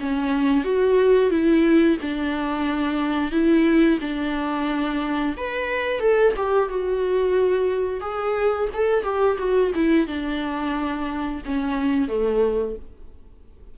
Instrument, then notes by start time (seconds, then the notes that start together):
viola
0.00 C#4
0.64 F#4
1.30 E4
2.01 D4
3.31 E4
4.01 D4
5.37 B4
6.00 A4
6.36 G4
6.69 F#4
8.01 G#4
8.74 A4
9.03 G4
9.38 F#4
9.75 E4
10.07 D4
11.45 C#4
12.08 A3